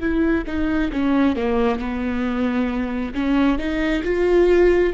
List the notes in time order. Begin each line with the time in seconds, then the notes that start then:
0.00 E4
0.47 D#4
0.92 C#4
1.36 A#3
1.80 B3
3.14 C#4
3.58 D#4
4.03 F4